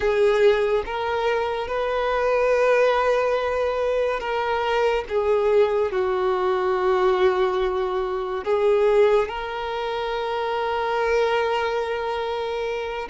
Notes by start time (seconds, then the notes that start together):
0.00 G#4
0.85 A#4
1.67 B4
4.19 A#4
5.09 G#4
5.91 F#4
8.44 G#4
9.28 A#4